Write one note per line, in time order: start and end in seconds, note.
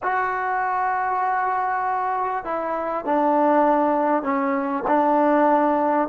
0.02 2.44 F#4
2.44 3.05 E4
3.05 4.23 D4
4.23 4.83 C#4
4.87 6.08 D4